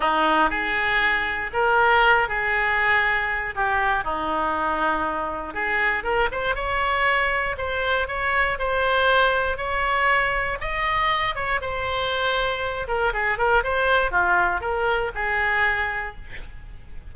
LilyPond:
\new Staff \with { instrumentName = "oboe" } { \time 4/4 \tempo 4 = 119 dis'4 gis'2 ais'4~ | ais'8 gis'2~ gis'8 g'4 | dis'2. gis'4 | ais'8 c''8 cis''2 c''4 |
cis''4 c''2 cis''4~ | cis''4 dis''4. cis''8 c''4~ | c''4. ais'8 gis'8 ais'8 c''4 | f'4 ais'4 gis'2 | }